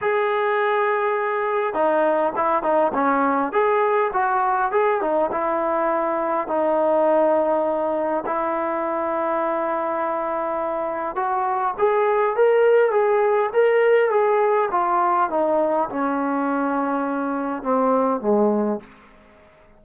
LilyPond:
\new Staff \with { instrumentName = "trombone" } { \time 4/4 \tempo 4 = 102 gis'2. dis'4 | e'8 dis'8 cis'4 gis'4 fis'4 | gis'8 dis'8 e'2 dis'4~ | dis'2 e'2~ |
e'2. fis'4 | gis'4 ais'4 gis'4 ais'4 | gis'4 f'4 dis'4 cis'4~ | cis'2 c'4 gis4 | }